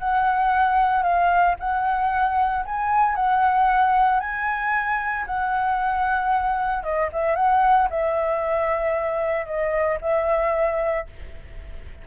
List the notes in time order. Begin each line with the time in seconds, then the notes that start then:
0.00 F#5
1.03 F5
1.60 F#5
2.66 G#5
3.16 F#5
4.21 G#5
5.27 F#5
6.83 D#5
7.13 E5
7.36 F#5
7.90 E5
9.46 D#5
10.01 E5